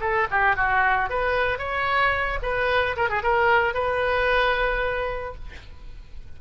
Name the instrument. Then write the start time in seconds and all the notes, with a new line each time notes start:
oboe
0.00 A4
0.30 G4
0.56 F#4
1.10 B4
1.58 C#5
2.42 B4
2.96 A#4
3.09 G#4
3.22 A#4
3.74 B4